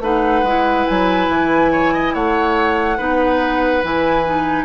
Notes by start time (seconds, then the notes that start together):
0.00 A3 D#4 B4 F#5
0.43 G#3 E4
0.87 F#3 G#5
1.29 E3
1.72 C#5
1.93 D#5
2.14 A3 C#5 F#5
2.98 B3 D#4 B4
3.83 E3 E4 G#5
4.26 D#4